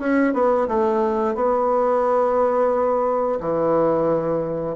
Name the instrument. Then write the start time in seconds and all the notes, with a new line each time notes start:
bassoon
0.00 C#4
0.34 B3
0.68 A3
1.35 B3
3.41 E3